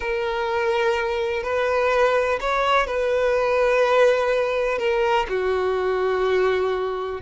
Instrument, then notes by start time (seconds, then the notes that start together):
violin
0.00 A#4
1.43 B4
2.40 C#5
2.87 B4
4.78 A#4
5.28 F#4